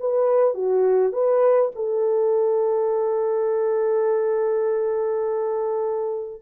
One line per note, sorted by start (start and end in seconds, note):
0.00 0.54 B4
0.54 1.13 F#4
1.13 1.71 B4
1.75 6.42 A4